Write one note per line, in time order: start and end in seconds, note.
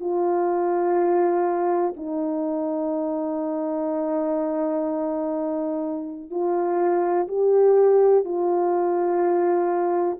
0.00 1.94 F4
1.97 6.31 D#4
6.31 7.28 F4
7.28 8.24 G4
8.24 10.18 F4